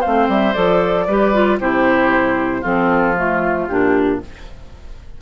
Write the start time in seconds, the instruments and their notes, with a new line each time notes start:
0.00 clarinet C4, oboe C5, flute F5
0.06 bassoon A3
0.28 bassoon G3, flute E5
0.53 bassoon F3, clarinet A4, flute D5
1.07 bassoon G3, clarinet G4, oboe B4
1.33 clarinet F4
1.59 bassoon C3, clarinet E4, oboe G4, flute C5
2.61 bassoon F3, clarinet C4, oboe F4, flute A4
3.16 clarinet A3, flute F4
3.68 bassoon A#2, clarinet D4, flute G4